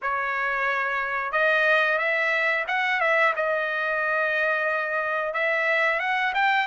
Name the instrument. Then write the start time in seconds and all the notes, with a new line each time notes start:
trumpet
0.02 C#5
1.32 D#5
1.98 E5
2.67 F#5
3.00 E5
3.35 D#5
5.33 E5
5.99 F#5
6.34 G5